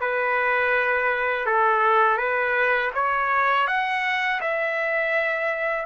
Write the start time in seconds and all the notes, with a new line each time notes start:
0.00 B4
1.46 A4
2.17 B4
2.94 C#5
3.67 F#5
4.40 E5